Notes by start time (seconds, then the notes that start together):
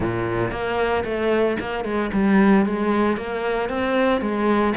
0.00 A#2
0.51 A#3
1.04 A3
1.59 A#3
1.84 G#3
2.13 G3
2.65 G#3
3.17 A#3
3.69 C4
4.21 G#3